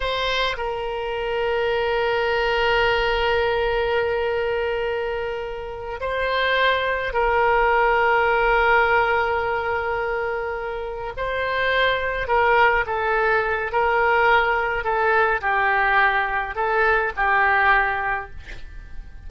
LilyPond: \new Staff \with { instrumentName = "oboe" } { \time 4/4 \tempo 4 = 105 c''4 ais'2.~ | ais'1~ | ais'2~ ais'8 c''4.~ | c''8 ais'2.~ ais'8~ |
ais'2.~ ais'8 c''8~ | c''4. ais'4 a'4. | ais'2 a'4 g'4~ | g'4 a'4 g'2 | }